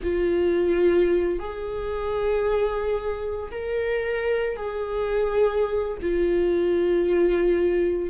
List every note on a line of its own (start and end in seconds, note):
0.02 1.39 F4
1.39 3.51 G#4
3.51 4.56 A#4
4.56 5.97 G#4
6.01 8.10 F4